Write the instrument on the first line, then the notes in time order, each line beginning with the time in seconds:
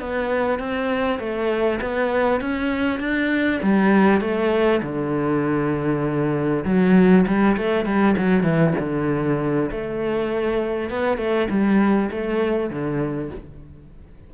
cello
0.00 B3
0.59 C4
1.20 A3
1.82 B3
2.41 C#4
3.00 D4
3.63 G3
4.21 A3
4.83 D3
6.65 F#3
7.27 G3
7.58 A3
7.85 G3
8.18 F#3
8.44 E3
8.80 D3
9.71 A3
10.90 B3
11.18 A3
11.50 G3
12.12 A3
12.70 D3